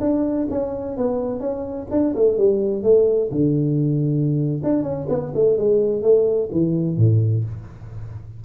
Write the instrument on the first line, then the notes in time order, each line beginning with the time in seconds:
tuba
0.00 D4
0.50 C#4
0.97 B3
1.40 C#4
1.91 D4
2.16 A3
2.37 G3
2.83 A3
3.31 D3
4.63 D4
4.83 C#4
5.09 B3
5.35 A3
5.57 G#3
6.02 A3
6.52 E3
6.97 A2